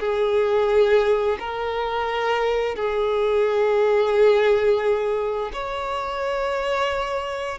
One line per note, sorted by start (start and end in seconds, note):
0.00 1.38 G#4
1.39 2.76 A#4
2.76 5.51 G#4
5.53 7.59 C#5